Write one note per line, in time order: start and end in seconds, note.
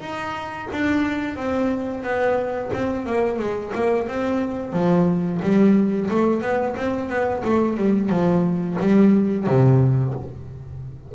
0.00 0.67 D#4
0.71 1.36 D4
1.36 2.03 C4
2.03 2.70 B3
2.73 3.06 C4
3.06 3.38 A#3
3.38 3.72 G#3
3.74 4.08 A#3
4.08 4.73 C4
4.73 5.40 F3
5.42 6.09 G3
6.10 6.41 A3
6.41 6.75 B3
6.76 7.09 C4
7.09 7.42 B3
7.44 7.77 A3
7.77 8.09 G3
8.09 8.77 F3
8.79 9.46 G3
9.46 10.14 C3